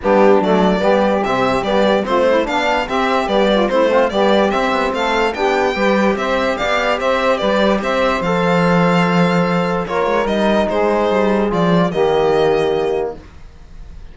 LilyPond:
<<
  \new Staff \with { instrumentName = "violin" } { \time 4/4 \tempo 4 = 146 g'4 d''2 e''4 | d''4 c''4 f''4 e''4 | d''4 c''4 d''4 e''4 | f''4 g''2 e''4 |
f''4 e''4 d''4 e''4 | f''1 | cis''4 dis''4 c''2 | d''4 dis''2. | }
  \new Staff \with { instrumentName = "saxophone" } { \time 4/4 d'2 g'2~ | g'4 f'8 e'8 d'4 g'4~ | g'8 f'8 e'8 c'8 g'2 | a'4 g'4 b'4 c''4 |
d''4 c''4 b'4 c''4~ | c''1 | ais'2 gis'2~ | gis'4 g'2. | }
  \new Staff \with { instrumentName = "trombone" } { \time 4/4 b4 a4 b4 c'4 | b4 c'4 d'4 c'4 | b4 c'8 f'8 b4 c'4~ | c'4 d'4 g'2~ |
g'1 | a'1 | f'4 dis'2. | f'4 ais2. | }
  \new Staff \with { instrumentName = "cello" } { \time 4/4 g4 fis4 g4 c4 | g4 a4 b4 c'4 | g4 a4 g4 c'8 b8 | a4 b4 g4 c'4 |
b4 c'4 g4 c'4 | f1 | ais8 gis8 g4 gis4 g4 | f4 dis2. | }
>>